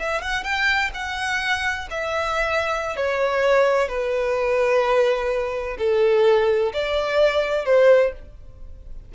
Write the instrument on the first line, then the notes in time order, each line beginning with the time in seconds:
violin
0.00 E5
0.22 F#5
0.44 G5
0.94 F#5
1.91 E5
2.97 C#5
3.89 B4
5.79 A4
6.74 D5
7.66 C5